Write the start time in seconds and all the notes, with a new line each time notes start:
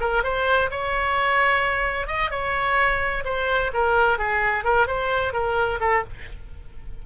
0.00 A#4
0.23 C5
0.70 C#5
2.07 D#5
2.30 C#5
3.24 C5
3.73 A#4
4.18 G#4
4.64 A#4
4.86 C5
5.33 A#4
5.80 A4